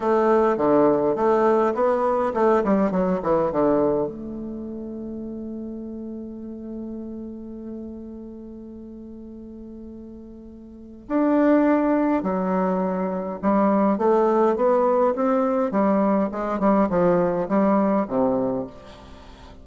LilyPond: \new Staff \with { instrumentName = "bassoon" } { \time 4/4 \tempo 4 = 103 a4 d4 a4 b4 | a8 g8 fis8 e8 d4 a4~ | a1~ | a1~ |
a2. d'4~ | d'4 fis2 g4 | a4 b4 c'4 g4 | gis8 g8 f4 g4 c4 | }